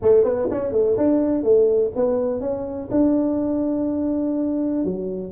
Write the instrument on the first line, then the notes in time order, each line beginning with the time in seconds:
tuba
0.02 A3
0.24 B3
0.50 C#4
0.72 A3
0.97 D4
1.43 A3
1.95 B3
2.40 C#4
2.90 D4
4.84 F#3